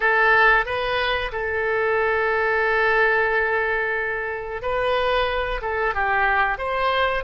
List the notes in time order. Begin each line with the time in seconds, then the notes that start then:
0.00 A4
0.65 B4
1.32 A4
4.62 B4
5.61 A4
5.94 G4
6.58 C5